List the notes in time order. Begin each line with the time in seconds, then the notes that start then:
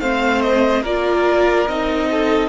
0.00 A3 C4 C5 F5
0.41 D#5
0.82 A#3 F4 A#4 D5
1.68 C4 D#4 D#5
2.11 A4